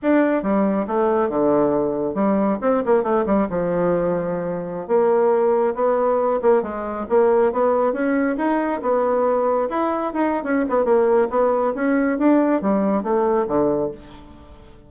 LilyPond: \new Staff \with { instrumentName = "bassoon" } { \time 4/4 \tempo 4 = 138 d'4 g4 a4 d4~ | d4 g4 c'8 ais8 a8 g8 | f2.~ f16 ais8.~ | ais4~ ais16 b4. ais8 gis8.~ |
gis16 ais4 b4 cis'4 dis'8.~ | dis'16 b2 e'4 dis'8. | cis'8 b8 ais4 b4 cis'4 | d'4 g4 a4 d4 | }